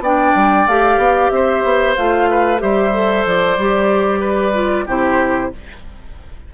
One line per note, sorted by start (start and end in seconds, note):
0.00 0.32 B3
0.00 0.69 D4
0.00 1.32 D5
0.00 0.68 G5
0.35 0.68 G3
0.68 0.98 A3
0.68 1.97 G4
0.68 1.30 F5
0.98 1.30 B3
1.30 1.64 C4
1.30 2.30 C5
1.30 1.95 E5
1.64 1.96 B3
1.96 2.62 A3
1.96 2.58 F4
1.96 2.61 F5
2.30 2.62 B4
2.58 3.26 G3
2.58 2.91 G4
2.58 4.20 C5
2.58 3.26 E5
2.93 3.58 A4
3.26 3.58 F3
3.26 4.88 D5
3.58 4.87 G3
3.58 4.54 G4
4.20 4.85 B4
4.54 4.86 F4
4.87 5.52 C3
4.87 5.52 E4
4.87 5.51 G4
4.87 5.54 C5